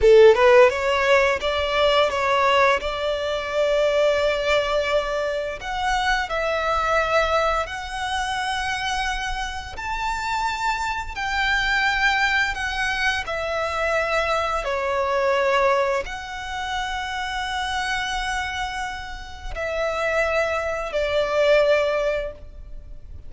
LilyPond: \new Staff \with { instrumentName = "violin" } { \time 4/4 \tempo 4 = 86 a'8 b'8 cis''4 d''4 cis''4 | d''1 | fis''4 e''2 fis''4~ | fis''2 a''2 |
g''2 fis''4 e''4~ | e''4 cis''2 fis''4~ | fis''1 | e''2 d''2 | }